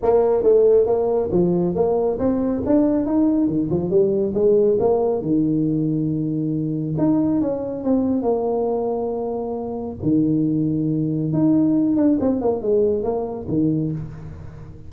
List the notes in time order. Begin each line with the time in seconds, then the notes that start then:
0.02 A#3
0.43 A3
0.86 A#3
1.31 F3
1.75 A#3
2.19 C4
2.66 D4
3.06 D#4
3.47 D#3
3.70 F3
3.90 G3
4.34 G#3
4.79 A#3
5.21 D#3
6.98 D#4
7.41 C#4
7.83 C4
8.22 A#3
10.02 D#3
11.32 D#4
11.96 D4
12.20 C4
12.41 A#3
12.62 G#3
13.03 A#3
13.48 D#3